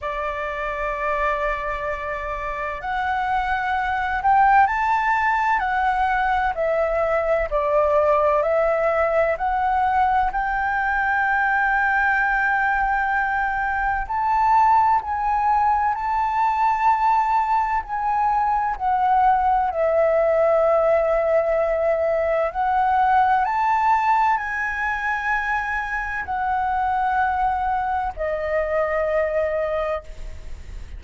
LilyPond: \new Staff \with { instrumentName = "flute" } { \time 4/4 \tempo 4 = 64 d''2. fis''4~ | fis''8 g''8 a''4 fis''4 e''4 | d''4 e''4 fis''4 g''4~ | g''2. a''4 |
gis''4 a''2 gis''4 | fis''4 e''2. | fis''4 a''4 gis''2 | fis''2 dis''2 | }